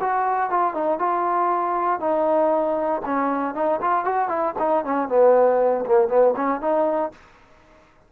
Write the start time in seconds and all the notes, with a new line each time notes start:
0.00 F#4
0.50 F4
0.74 D#4
0.99 F4
2.00 D#4
3.06 C#4
3.55 D#4
3.81 F4
4.05 F#4
4.29 E4
4.59 D#4
4.85 C#4
5.08 B3
5.86 A#3
6.09 B3
6.36 C#4
6.61 D#4